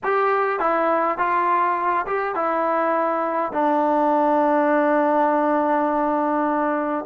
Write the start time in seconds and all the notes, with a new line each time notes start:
0.03 G4
0.59 E4
1.18 F4
2.06 G4
2.35 E4
3.52 D4